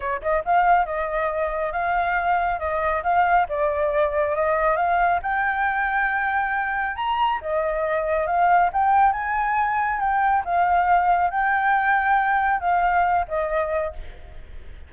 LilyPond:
\new Staff \with { instrumentName = "flute" } { \time 4/4 \tempo 4 = 138 cis''8 dis''8 f''4 dis''2 | f''2 dis''4 f''4 | d''2 dis''4 f''4 | g''1 |
ais''4 dis''2 f''4 | g''4 gis''2 g''4 | f''2 g''2~ | g''4 f''4. dis''4. | }